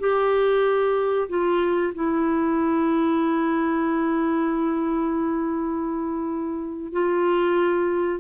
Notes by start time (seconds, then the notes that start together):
0.00 G4
1.29 F4
1.95 E4
6.93 F4